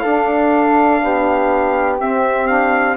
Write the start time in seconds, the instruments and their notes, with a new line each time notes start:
0.00 bassoon D4, saxophone D4, flute A4, trumpet F5
1.03 bassoon B3, flute G4
1.99 saxophone C4, bassoon C4, trumpet E5
2.47 saxophone D4, trumpet F5